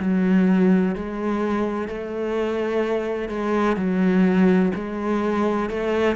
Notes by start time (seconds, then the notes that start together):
0.00 F#3
0.95 G#3
1.88 A3
3.29 G#3
3.76 F#3
4.74 G#3
5.69 A3